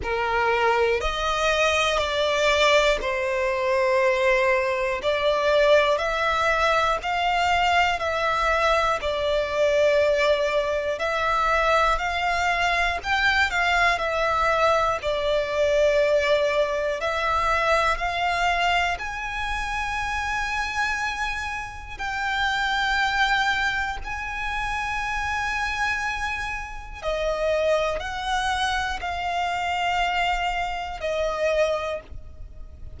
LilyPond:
\new Staff \with { instrumentName = "violin" } { \time 4/4 \tempo 4 = 60 ais'4 dis''4 d''4 c''4~ | c''4 d''4 e''4 f''4 | e''4 d''2 e''4 | f''4 g''8 f''8 e''4 d''4~ |
d''4 e''4 f''4 gis''4~ | gis''2 g''2 | gis''2. dis''4 | fis''4 f''2 dis''4 | }